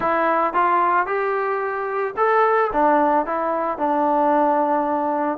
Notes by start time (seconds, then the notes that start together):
0.00 E4
0.53 F4
1.06 G4
2.16 A4
2.72 D4
3.26 E4
3.78 D4